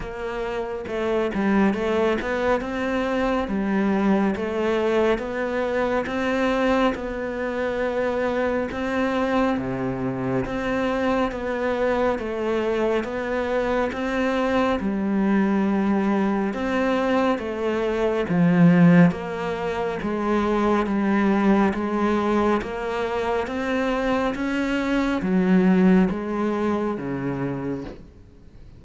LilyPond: \new Staff \with { instrumentName = "cello" } { \time 4/4 \tempo 4 = 69 ais4 a8 g8 a8 b8 c'4 | g4 a4 b4 c'4 | b2 c'4 c4 | c'4 b4 a4 b4 |
c'4 g2 c'4 | a4 f4 ais4 gis4 | g4 gis4 ais4 c'4 | cis'4 fis4 gis4 cis4 | }